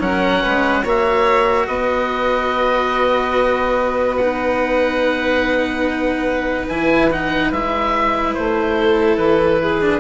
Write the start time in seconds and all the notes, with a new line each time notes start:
0.00 F#3 C#4 A#4 F#5
0.43 G#3 B4
0.83 A#3 F#4 C#5 E5
1.67 B3 B4 D#5
4.17 D#4 F#5
6.69 E3 E4 G#5
7.12 D#4 F#5
7.52 G#3 E4 E5
8.35 A3 C5
8.80 A4
9.17 E3 B4
9.62 G#4
9.81 D4